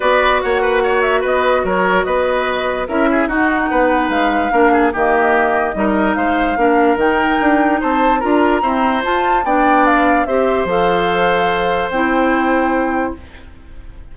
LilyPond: <<
  \new Staff \with { instrumentName = "flute" } { \time 4/4 \tempo 4 = 146 d''4 fis''4. e''8 dis''4 | cis''4 dis''2 e''4 | fis''2 f''2 | dis''2. f''4~ |
f''4 g''2 a''4 | ais''2 a''4 g''4 | f''4 e''4 f''2~ | f''4 g''2. | }
  \new Staff \with { instrumentName = "oboe" } { \time 4/4 b'4 cis''8 b'8 cis''4 b'4 | ais'4 b'2 ais'8 gis'8 | fis'4 b'2 ais'8 gis'8 | g'2 ais'4 c''4 |
ais'2. c''4 | ais'4 c''2 d''4~ | d''4 c''2.~ | c''1 | }
  \new Staff \with { instrumentName = "clarinet" } { \time 4/4 fis'1~ | fis'2. e'4 | dis'2. d'4 | ais2 dis'2 |
d'4 dis'2. | f'4 c'4 f'4 d'4~ | d'4 g'4 a'2~ | a'4 e'2. | }
  \new Staff \with { instrumentName = "bassoon" } { \time 4/4 b4 ais2 b4 | fis4 b2 cis'4 | dis'4 b4 gis4 ais4 | dis2 g4 gis4 |
ais4 dis4 d'4 c'4 | d'4 e'4 f'4 b4~ | b4 c'4 f2~ | f4 c'2. | }
>>